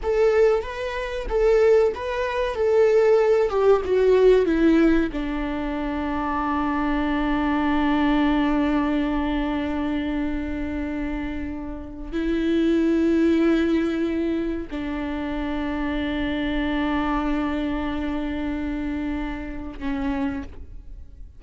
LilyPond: \new Staff \with { instrumentName = "viola" } { \time 4/4 \tempo 4 = 94 a'4 b'4 a'4 b'4 | a'4. g'8 fis'4 e'4 | d'1~ | d'1~ |
d'2. e'4~ | e'2. d'4~ | d'1~ | d'2. cis'4 | }